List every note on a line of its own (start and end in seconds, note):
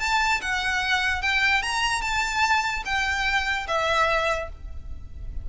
0.00 0.41 A5
0.42 1.22 F#5
1.22 1.63 G5
1.63 2.02 A#5
2.02 2.83 A5
2.85 3.67 G5
3.68 4.49 E5